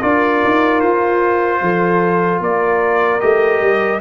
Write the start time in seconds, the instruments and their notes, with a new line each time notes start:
0.00 tuba D4, trombone F4, horn A#4, trumpet D5
0.44 tuba D#4
0.80 tuba F4, trumpet C5
1.61 tuba F3, horn A4
2.40 tuba A#3, horn A#4, trumpet D5
3.20 tuba A3, trombone G4, trumpet D#5
3.61 tuba G3